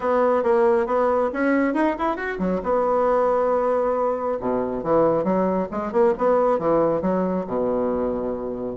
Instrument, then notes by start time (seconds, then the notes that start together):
bassoon
0.00 B3
0.43 A#3
0.86 B3
1.33 C#4
1.74 D#4
1.98 E4
2.16 F#4
2.38 F#3
2.63 B3
4.40 B2
4.83 E3
5.24 F#3
5.71 G#3
5.92 A#3
6.18 B3
6.58 E3
7.01 F#3
7.47 B2